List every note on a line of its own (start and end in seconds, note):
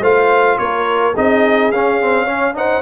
0.00 0.57 A3
0.00 1.14 F4
0.00 0.56 C5
0.00 0.58 F5
0.58 1.15 A#3
0.58 1.14 A#4
0.58 1.14 C#5
1.14 1.72 C4
1.14 1.72 D#4
1.14 2.24 G#4
1.14 1.71 D#5
1.71 2.82 C#4
1.71 2.01 C#4
1.71 2.55 F5
2.01 2.27 C4
2.24 2.54 C#4
2.24 2.52 C#5
2.54 2.82 D#4
2.54 2.82 C5
2.54 2.82 F#5